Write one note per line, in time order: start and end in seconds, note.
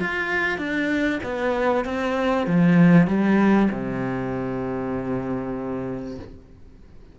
0.00 0.58 F4
0.58 1.20 D4
1.23 1.85 B3
1.85 2.47 C4
2.47 3.07 F3
3.07 3.69 G3
3.71 6.19 C3